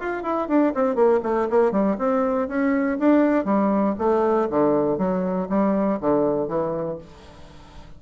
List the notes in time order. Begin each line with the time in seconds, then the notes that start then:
0.00 F4
0.23 E4
0.49 D4
0.75 C4
0.96 A#3
1.23 A3
1.50 A#3
1.72 G3
1.99 C4
2.49 C#4
3.00 D4
3.45 G3
3.99 A3
4.50 D3
4.98 F#3
5.50 G3
6.01 D3
6.49 E3